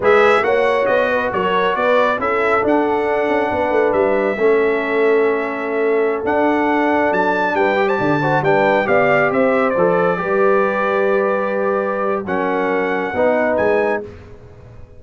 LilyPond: <<
  \new Staff \with { instrumentName = "trumpet" } { \time 4/4 \tempo 4 = 137 e''4 fis''4 dis''4 cis''4 | d''4 e''4 fis''2~ | fis''4 e''2.~ | e''2~ e''16 fis''4.~ fis''16~ |
fis''16 a''4 g''8. a''4~ a''16 g''8.~ | g''16 f''4 e''4 d''4.~ d''16~ | d''1 | fis''2. gis''4 | }
  \new Staff \with { instrumentName = "horn" } { \time 4/4 b'4 cis''4. b'8 ais'4 | b'4 a'2. | b'2 a'2~ | a'1~ |
a'4~ a'16 b'8. c''16 d''8 c''8 b'8.~ | b'16 d''4 c''2 b'8.~ | b'1 | ais'2 b'2 | }
  \new Staff \with { instrumentName = "trombone" } { \time 4/4 gis'4 fis'2.~ | fis'4 e'4 d'2~ | d'2 cis'2~ | cis'2~ cis'16 d'4.~ d'16~ |
d'4.~ d'16 g'4 fis'8 d'8.~ | d'16 g'2 a'4 g'8.~ | g'1 | cis'2 dis'2 | }
  \new Staff \with { instrumentName = "tuba" } { \time 4/4 gis4 ais4 b4 fis4 | b4 cis'4 d'4. cis'8 | b8 a8 g4 a2~ | a2~ a16 d'4.~ d'16~ |
d'16 fis4 g4 d4 g8.~ | g16 b4 c'4 f4 g8.~ | g1 | fis2 b4 gis4 | }
>>